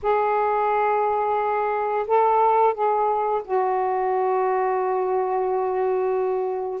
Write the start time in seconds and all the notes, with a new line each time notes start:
0.02 G#4
2.07 A4
2.74 G#4
3.44 F#4